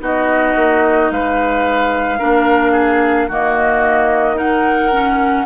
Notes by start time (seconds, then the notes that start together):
0.00 B3 D#4 F#4 D#5
0.56 A#3
1.11 G#3 B4 F5
2.19 A#3 D4 A#4
2.72 G#4
3.28 D#3 A#3 F#4 D#5
4.36 D#4 A#4 F#5
4.93 C#4